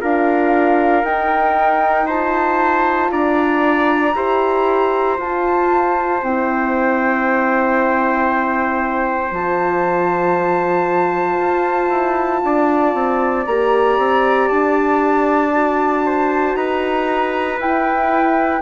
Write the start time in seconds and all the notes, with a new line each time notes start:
0.00 D4 F4 A#4 F5
1.03 D#4 G5
2.06 F4 C5 A5
3.11 D4 D5 A#5
4.14 E4 G4 C5
5.17 F4 A5
6.22 C4 E4 G5
9.31 F3 F4 A5
11.40 F4
11.89 E4
12.44 D4 D5
12.94 C4
13.45 A#3 G4 A#5
13.97 C4
14.48 D4 A5
15.53 F#4
16.05 C5
16.55 D#4 B4 A#5
17.59 E4 G5